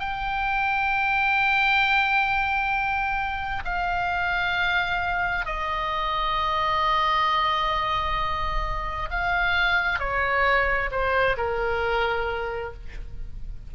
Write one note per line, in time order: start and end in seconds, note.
0.00 3.64 G5
3.65 5.46 F5
5.46 9.10 D#5
9.11 10.00 F5
10.00 10.90 C#5
10.92 11.37 C5
11.38 12.74 A#4